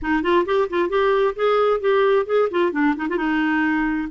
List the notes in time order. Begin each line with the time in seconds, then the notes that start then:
0.01 D#4
0.22 F4
0.45 G4
0.69 F4
0.89 G4
1.35 G#4
1.80 G4
2.26 G#4
2.50 F4
2.71 D4
2.96 D#4
3.09 F4
3.17 D#4